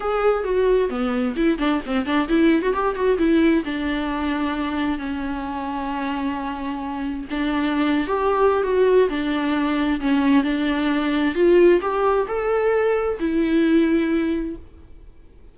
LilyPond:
\new Staff \with { instrumentName = "viola" } { \time 4/4 \tempo 4 = 132 gis'4 fis'4 b4 e'8 d'8 | c'8 d'8 e'8. fis'16 g'8 fis'8 e'4 | d'2. cis'4~ | cis'1 |
d'4.~ d'16 g'4~ g'16 fis'4 | d'2 cis'4 d'4~ | d'4 f'4 g'4 a'4~ | a'4 e'2. | }